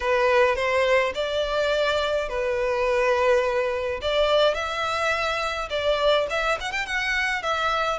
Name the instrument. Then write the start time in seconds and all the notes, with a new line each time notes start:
violin
0.00 B4
0.55 C5
1.14 D5
2.29 B4
4.01 D5
4.54 E5
5.69 D5
6.30 E5
6.60 F#5
6.71 G5
6.86 F#5
7.42 E5